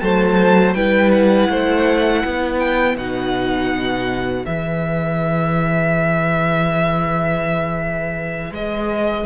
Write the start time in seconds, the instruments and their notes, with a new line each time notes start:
0.00 cello F#3, viola A3, violin C5 A5
0.74 cello G3, viola E4, violin B4 G5
1.12 violin F#5
1.50 cello A3, violin C5
2.24 cello B3, violin B4
2.59 violin G5
2.97 cello B2, viola D#4, violin F#5
4.45 cello E3, viola G#4, violin E5
8.51 cello G#3, violin D#5